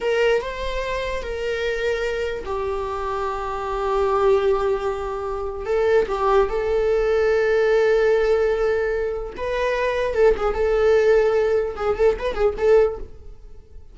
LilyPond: \new Staff \with { instrumentName = "viola" } { \time 4/4 \tempo 4 = 148 ais'4 c''2 ais'4~ | ais'2 g'2~ | g'1~ | g'2 a'4 g'4 |
a'1~ | a'2. b'4~ | b'4 a'8 gis'8 a'2~ | a'4 gis'8 a'8 b'8 gis'8 a'4 | }